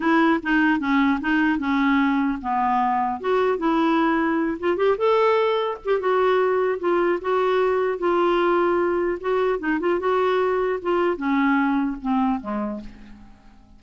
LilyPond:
\new Staff \with { instrumentName = "clarinet" } { \time 4/4 \tempo 4 = 150 e'4 dis'4 cis'4 dis'4 | cis'2 b2 | fis'4 e'2~ e'8 f'8 | g'8 a'2 g'8 fis'4~ |
fis'4 f'4 fis'2 | f'2. fis'4 | dis'8 f'8 fis'2 f'4 | cis'2 c'4 gis4 | }